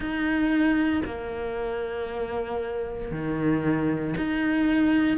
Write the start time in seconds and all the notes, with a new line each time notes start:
0.00 D#4
1.05 A#3
3.11 D#3
4.17 D#4